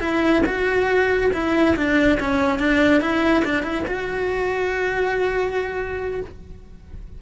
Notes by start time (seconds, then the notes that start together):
0.00 E4
0.46 F#4
1.33 E4
1.76 D4
2.20 C#4
2.59 D4
3.01 E4
3.44 D4
3.63 E4
3.87 F#4